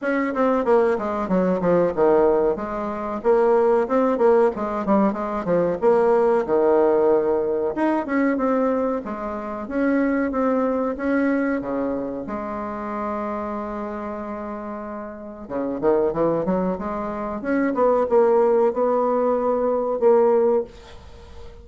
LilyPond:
\new Staff \with { instrumentName = "bassoon" } { \time 4/4 \tempo 4 = 93 cis'8 c'8 ais8 gis8 fis8 f8 dis4 | gis4 ais4 c'8 ais8 gis8 g8 | gis8 f8 ais4 dis2 | dis'8 cis'8 c'4 gis4 cis'4 |
c'4 cis'4 cis4 gis4~ | gis1 | cis8 dis8 e8 fis8 gis4 cis'8 b8 | ais4 b2 ais4 | }